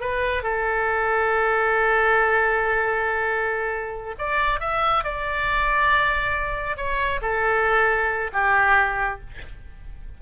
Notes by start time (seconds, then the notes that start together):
0.00 B4
0.42 A4
4.18 D5
4.60 E5
5.03 D5
6.76 C#5
7.21 A4
8.33 G4